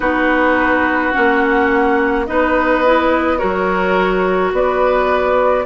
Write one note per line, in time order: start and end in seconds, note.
0.00 1.12 B3
0.00 1.12 D#4
0.00 2.26 F#4
0.00 1.12 B4
1.12 2.28 A#3
1.12 2.26 C#4
1.12 2.25 F#5
2.25 3.41 B3
2.25 2.83 D#4
2.25 3.38 B4
2.25 3.38 D#5
2.85 3.37 E4
3.37 4.52 F#3
3.37 5.64 F#4
3.37 4.51 A#4
3.37 4.51 C#5
4.52 5.65 B3
4.52 5.65 B4
4.52 5.65 D5